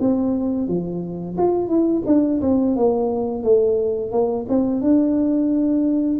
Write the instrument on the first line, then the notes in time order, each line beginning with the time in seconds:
tuba
0.00 C4
0.68 F3
1.38 F4
1.68 E4
2.06 D4
2.42 C4
2.76 A#3
3.44 A3
4.12 A#3
4.49 C4
4.81 D4